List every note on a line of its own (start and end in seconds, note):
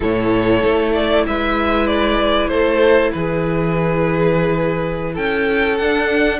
0.00 0.63 A2
0.00 5.77 E4
0.00 1.25 A4
0.00 0.93 C#5
0.63 1.26 A3
0.93 1.24 D5
1.26 2.49 G#3
1.26 2.50 B4
1.26 1.87 E5
1.87 2.48 D5
2.48 3.11 A3
2.48 3.12 A4
2.48 3.10 C5
3.12 5.17 E3
3.12 5.14 G#4
3.12 5.15 B4
5.14 5.80 C#4
5.14 6.39 A4
5.14 5.77 G5
5.77 6.39 D4
5.77 6.39 F#5